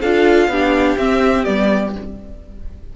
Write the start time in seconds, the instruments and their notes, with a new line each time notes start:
0.00 cello D4, viola F4, violin A4 F5
0.47 cello B3, viola D4, violin G4
0.97 cello C4, viola C4, violin E5
1.44 cello G3, viola B3, violin D5